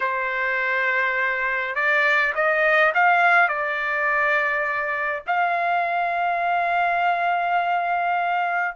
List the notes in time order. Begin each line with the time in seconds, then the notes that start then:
0.00 C5
1.75 D5
2.34 D#5
2.94 F5
3.48 D5
5.27 F5